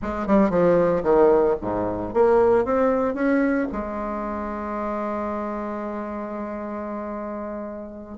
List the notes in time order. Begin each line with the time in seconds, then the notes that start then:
0.01 G#3
0.26 G3
0.50 F3
1.03 D#3
1.61 G#2
2.13 A#3
2.65 C4
3.14 C#4
3.72 G#3